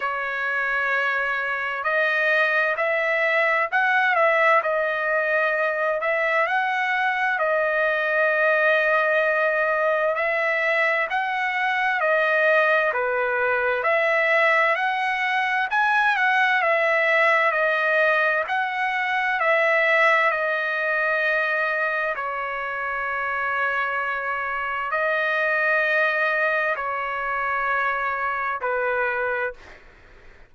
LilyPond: \new Staff \with { instrumentName = "trumpet" } { \time 4/4 \tempo 4 = 65 cis''2 dis''4 e''4 | fis''8 e''8 dis''4. e''8 fis''4 | dis''2. e''4 | fis''4 dis''4 b'4 e''4 |
fis''4 gis''8 fis''8 e''4 dis''4 | fis''4 e''4 dis''2 | cis''2. dis''4~ | dis''4 cis''2 b'4 | }